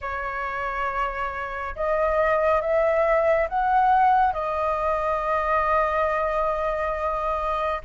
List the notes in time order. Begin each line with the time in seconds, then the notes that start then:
0.01 C#5
1.75 D#5
2.61 E5
3.48 F#5
4.33 D#5